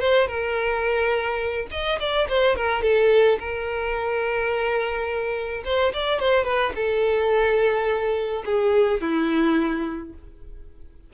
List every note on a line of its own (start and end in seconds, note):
0.00 0.28 C5
0.28 1.68 A#4
1.71 1.99 D#5
2.00 2.28 D5
2.29 2.56 C5
2.56 2.82 A#4
2.82 3.38 A4
3.39 5.64 A#4
5.65 5.93 C5
5.94 6.20 D5
6.20 6.45 C5
6.45 6.73 B4
6.75 8.44 A4
8.45 9.01 G#4
9.01 10.13 E4